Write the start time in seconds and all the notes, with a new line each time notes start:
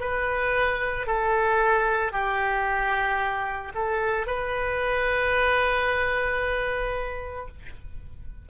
0.00 B4
1.07 A4
2.12 G4
3.75 A4
4.27 B4